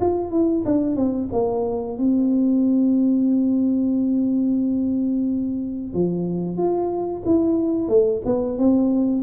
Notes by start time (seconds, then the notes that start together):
0.00 F4
0.31 E4
0.65 D4
0.96 C4
1.32 A#3
1.98 C4
5.93 F3
6.57 F4
7.25 E4
7.88 A3
8.25 B3
8.58 C4